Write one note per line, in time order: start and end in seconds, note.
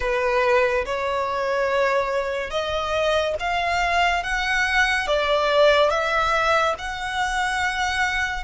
0.00 0.85 B4
0.85 2.50 C#5
2.50 3.34 D#5
3.39 4.23 F5
4.23 5.07 F#5
5.07 5.90 D5
5.90 6.74 E5
6.78 8.43 F#5